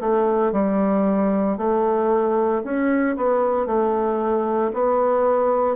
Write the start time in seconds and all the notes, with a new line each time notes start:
0.00 A3
0.52 G3
1.57 A3
2.64 C#4
3.17 B3
3.67 A3
4.74 B3